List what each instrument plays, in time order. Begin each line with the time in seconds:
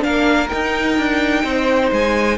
0.00 cello A#3, viola D4, violin A#4 F5
0.49 viola D#4, cello D#4, violin G5
0.98 cello D4
1.44 cello C4, violin C5
1.91 cello G#3, violin G#5